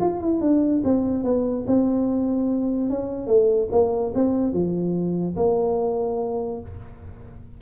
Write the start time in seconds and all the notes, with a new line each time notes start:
0.00 F4
0.20 E4
0.41 D4
0.84 C4
1.24 B3
1.67 C4
2.89 C#4
3.27 A3
3.71 A#3
4.14 C4
4.53 F3
5.36 A#3